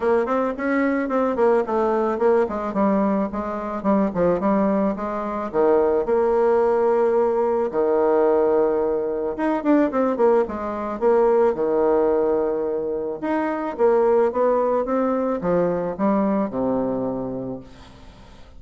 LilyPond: \new Staff \with { instrumentName = "bassoon" } { \time 4/4 \tempo 4 = 109 ais8 c'8 cis'4 c'8 ais8 a4 | ais8 gis8 g4 gis4 g8 f8 | g4 gis4 dis4 ais4~ | ais2 dis2~ |
dis4 dis'8 d'8 c'8 ais8 gis4 | ais4 dis2. | dis'4 ais4 b4 c'4 | f4 g4 c2 | }